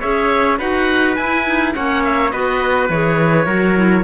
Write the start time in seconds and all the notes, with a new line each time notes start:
0.00 C#4 G#4 C#5 E5
0.58 D#4 F#4 B4 F#5
1.16 E4 G#5
1.47 D#4
1.74 A#3 C#4 C#5 F#5
2.05 E5
2.31 B3 F#4 B4 D#5
2.90 E3 G#4 C#5
3.46 F#3 F#4 A#4
3.76 E4